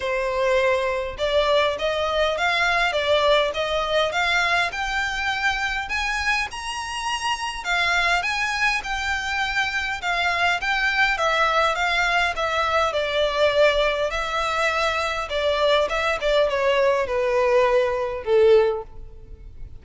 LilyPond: \new Staff \with { instrumentName = "violin" } { \time 4/4 \tempo 4 = 102 c''2 d''4 dis''4 | f''4 d''4 dis''4 f''4 | g''2 gis''4 ais''4~ | ais''4 f''4 gis''4 g''4~ |
g''4 f''4 g''4 e''4 | f''4 e''4 d''2 | e''2 d''4 e''8 d''8 | cis''4 b'2 a'4 | }